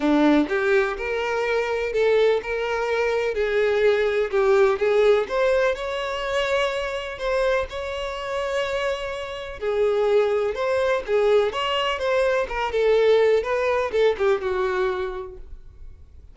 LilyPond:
\new Staff \with { instrumentName = "violin" } { \time 4/4 \tempo 4 = 125 d'4 g'4 ais'2 | a'4 ais'2 gis'4~ | gis'4 g'4 gis'4 c''4 | cis''2. c''4 |
cis''1 | gis'2 c''4 gis'4 | cis''4 c''4 ais'8 a'4. | b'4 a'8 g'8 fis'2 | }